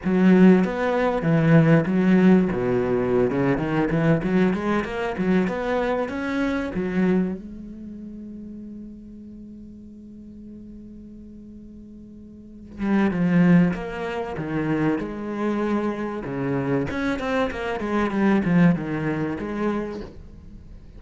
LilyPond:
\new Staff \with { instrumentName = "cello" } { \time 4/4 \tempo 4 = 96 fis4 b4 e4 fis4 | b,4~ b,16 cis8 dis8 e8 fis8 gis8 ais16~ | ais16 fis8 b4 cis'4 fis4 gis16~ | gis1~ |
gis1~ | gis8 g8 f4 ais4 dis4 | gis2 cis4 cis'8 c'8 | ais8 gis8 g8 f8 dis4 gis4 | }